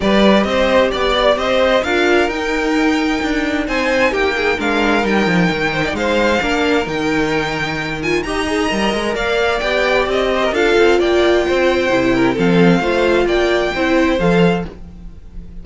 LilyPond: <<
  \new Staff \with { instrumentName = "violin" } { \time 4/4 \tempo 4 = 131 d''4 dis''4 d''4 dis''4 | f''4 g''2. | gis''4 g''4 f''4 g''4~ | g''4 f''2 g''4~ |
g''4. gis''8 ais''2 | f''4 g''4 dis''4 f''4 | g''2. f''4~ | f''4 g''2 f''4 | }
  \new Staff \with { instrumentName = "violin" } { \time 4/4 b'4 c''4 d''4 c''4 | ais'1 | c''4 g'8 gis'8 ais'2~ | ais'8 c''16 d''16 c''4 ais'2~ |
ais'2 dis''2 | d''2~ d''8 c''16 ais'16 a'4 | d''4 c''4. ais'8 a'4 | c''4 d''4 c''2 | }
  \new Staff \with { instrumentName = "viola" } { \time 4/4 g'1 | f'4 dis'2.~ | dis'2 d'4 dis'4~ | dis'2 d'4 dis'4~ |
dis'4. f'8 g'8 gis'8 ais'4~ | ais'4 g'2 f'4~ | f'2 e'4 c'4 | f'2 e'4 a'4 | }
  \new Staff \with { instrumentName = "cello" } { \time 4/4 g4 c'4 b4 c'4 | d'4 dis'2 d'4 | c'4 ais4 gis4 g8 f8 | dis4 gis4 ais4 dis4~ |
dis2 dis'4 g8 gis8 | ais4 b4 c'4 d'8 c'8 | ais4 c'4 c4 f4 | a4 ais4 c'4 f4 | }
>>